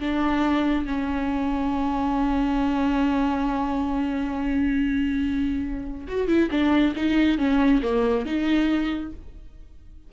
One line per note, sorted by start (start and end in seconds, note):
0.00 0.86 D4
0.86 6.08 C#4
6.08 6.28 F#4
6.28 6.49 E4
6.51 6.94 D4
6.96 7.38 D#4
7.38 7.82 C#4
7.83 8.26 A#3
8.26 9.13 D#4